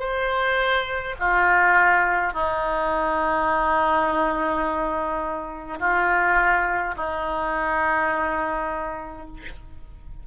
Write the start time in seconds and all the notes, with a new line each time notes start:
0.00 C5
1.20 F4
2.33 D#4
5.80 F4
6.97 D#4